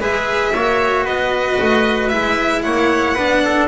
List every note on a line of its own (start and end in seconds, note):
0.00 0.53 G#3
0.00 0.54 G#4
0.00 0.53 B4
0.00 1.06 E5
0.54 1.05 A#3
0.54 2.11 F#4
0.54 1.05 C#5
1.05 1.57 B3
1.05 2.63 B4
1.05 2.09 D#5
1.61 2.12 A3
2.09 2.65 G#3
2.09 3.16 E4
2.09 2.62 E5
2.62 3.17 A#3
2.62 3.15 C#5
2.62 3.68 F#5
3.15 3.68 B3
3.15 3.68 D4
3.15 3.41 B4
3.45 3.68 A4